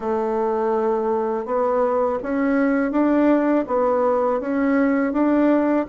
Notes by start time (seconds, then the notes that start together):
0.00 A3
1.45 B3
2.23 C#4
2.91 D4
3.67 B3
4.40 C#4
5.12 D4